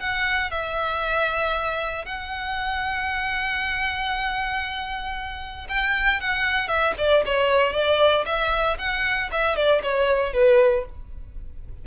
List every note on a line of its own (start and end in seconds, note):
0.00 0.51 F#5
0.51 2.05 E5
2.05 5.68 F#5
5.69 6.21 G5
6.21 6.68 F#5
6.68 6.94 E5
6.98 7.24 D5
7.26 7.73 C#5
7.73 8.25 D5
8.26 8.78 E5
8.79 9.30 F#5
9.32 9.56 E5
9.56 9.82 D5
9.83 10.34 C#5
10.34 10.86 B4